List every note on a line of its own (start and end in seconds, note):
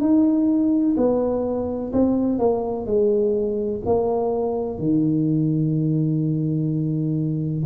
0.00 0.95 D#4
0.97 1.92 B3
1.93 2.39 C4
2.39 2.86 A#3
2.86 3.81 G#3
3.86 4.78 A#3
4.78 7.64 D#3